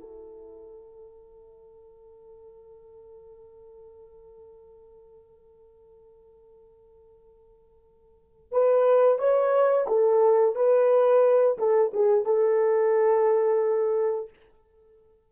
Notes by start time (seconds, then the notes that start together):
0.00 A4
8.52 B4
9.18 C#5
9.87 A4
10.55 B4
11.58 A4
11.93 G#4
12.25 A4